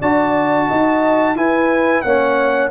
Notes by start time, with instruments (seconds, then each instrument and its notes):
0.00 tuba D4, trombone F#4, horn D5, trumpet A5
0.69 tuba D#4, horn D#5
1.35 tuba E4, trombone E4, horn B4, trumpet G#5
2.02 tuba A#3, trombone C#4, horn C#5, trumpet F#5